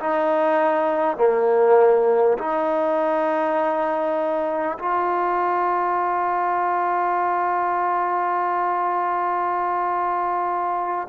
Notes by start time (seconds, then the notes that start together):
0.00 D#4
1.18 A#3
2.38 D#4
4.79 F4